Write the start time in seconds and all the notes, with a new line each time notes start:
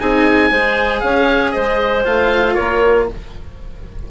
0.00 C4 D#4 G#4 G#5
0.50 G#3 G#4 C5
1.00 C#4 C#5 F5
1.51 G#3 C5 D#5
2.04 A3 F4 F5
2.54 A#3 A#4 C#5